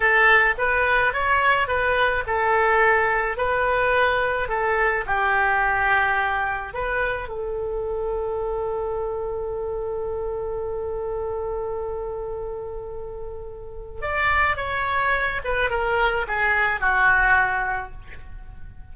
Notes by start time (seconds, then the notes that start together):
0.00 A4
0.58 B4
1.13 C#5
1.67 B4
2.26 A4
3.37 B4
4.48 A4
5.06 G4
6.73 B4
7.28 A4
14.01 D5
14.56 C#5
15.44 B4
15.70 A#4
16.27 G#4
16.80 F#4